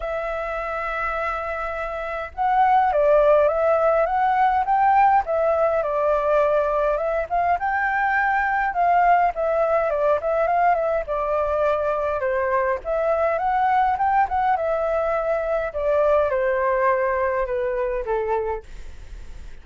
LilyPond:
\new Staff \with { instrumentName = "flute" } { \time 4/4 \tempo 4 = 103 e''1 | fis''4 d''4 e''4 fis''4 | g''4 e''4 d''2 | e''8 f''8 g''2 f''4 |
e''4 d''8 e''8 f''8 e''8 d''4~ | d''4 c''4 e''4 fis''4 | g''8 fis''8 e''2 d''4 | c''2 b'4 a'4 | }